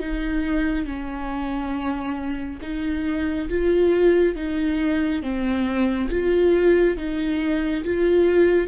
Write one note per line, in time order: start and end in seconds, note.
0.00 0.86 D#4
0.86 2.60 C#4
2.62 3.49 D#4
3.49 4.36 F4
4.36 5.23 D#4
5.23 6.09 C4
6.11 6.98 F4
6.98 7.85 D#4
7.85 8.68 F4